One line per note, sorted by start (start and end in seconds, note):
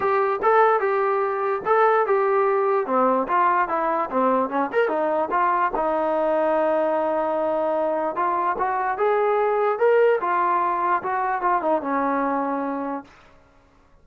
0.00 0.40 G4
0.42 0.80 A4
0.80 1.61 G4
1.65 2.06 A4
2.06 2.86 G4
2.86 3.27 C4
3.27 3.68 F4
3.68 4.09 E4
4.10 4.49 C4
4.49 4.70 C#4
4.72 4.88 A#4
4.88 5.29 D#4
5.30 5.71 F4
5.75 8.15 D#4
8.15 8.56 F4
8.58 8.97 F#4
8.97 9.78 G#4
9.78 10.19 A#4
10.20 11.02 F4
11.02 11.41 F#4
11.41 11.62 F4
11.62 11.81 D#4
11.81 13.04 C#4